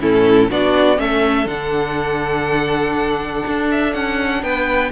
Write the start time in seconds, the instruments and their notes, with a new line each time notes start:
0.00 cello A2, viola C#4, violin E4 A4
0.50 cello B3, viola D4, violin F#4 D5
0.97 cello A3, viola C#4, violin A4 E5
1.46 cello D3, viola D4, violin F#5
3.48 cello D4
3.71 violin E5
3.94 cello C#4, violin F#5
4.42 cello B3, violin B4 G5